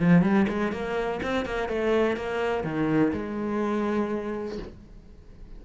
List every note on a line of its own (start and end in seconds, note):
0.00 0.22 F3
0.22 0.46 G3
0.49 0.72 G#3
0.72 1.21 A#3
1.23 1.45 C4
1.45 1.69 A#3
1.69 2.17 A3
2.17 2.64 A#3
2.64 3.12 D#3
3.13 4.58 G#3